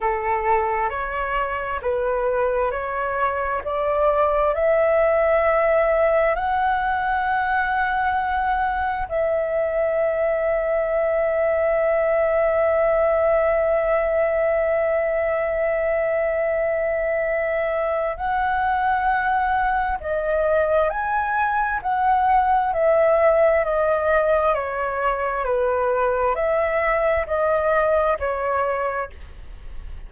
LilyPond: \new Staff \with { instrumentName = "flute" } { \time 4/4 \tempo 4 = 66 a'4 cis''4 b'4 cis''4 | d''4 e''2 fis''4~ | fis''2 e''2~ | e''1~ |
e''1 | fis''2 dis''4 gis''4 | fis''4 e''4 dis''4 cis''4 | b'4 e''4 dis''4 cis''4 | }